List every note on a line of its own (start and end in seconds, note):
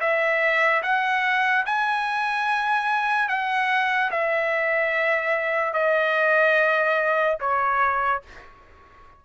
0.00 0.82 E5
0.83 1.65 F#5
1.66 3.28 G#5
3.28 4.11 F#5
4.11 5.73 E5
5.73 7.37 D#5
7.40 8.22 C#5